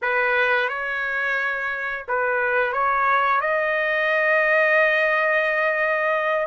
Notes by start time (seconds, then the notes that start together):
0.02 B4
0.68 C#5
2.08 B4
2.72 C#5
3.40 D#5